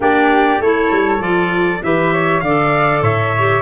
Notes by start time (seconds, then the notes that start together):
0.00 A#3 D4 G4 D5
0.60 A3 E4 A4 C#5
0.91 G3
1.19 F3 F4 D5
1.82 E3 G4 B4 E5
2.12 C#5
2.40 D3 D5 F5
2.46 A4
3.01 A2 C#5 E5
3.38 G4